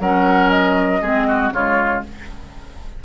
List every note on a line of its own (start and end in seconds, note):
0.00 1.01 F#3
0.00 1.02 C#4
0.00 1.01 A#4
0.00 0.49 F#5
0.49 1.51 D#5
1.01 1.51 G#3
1.01 1.53 C4
1.01 1.27 G#4
1.28 1.53 F#4
1.51 2.02 C#3
1.51 2.04 G#3
1.51 2.04 F4
1.51 2.03 C#5